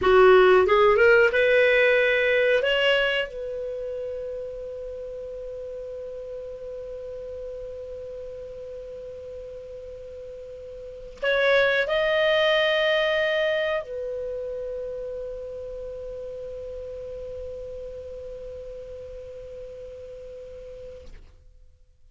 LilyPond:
\new Staff \with { instrumentName = "clarinet" } { \time 4/4 \tempo 4 = 91 fis'4 gis'8 ais'8 b'2 | cis''4 b'2.~ | b'1~ | b'1~ |
b'4 cis''4 dis''2~ | dis''4 b'2.~ | b'1~ | b'1 | }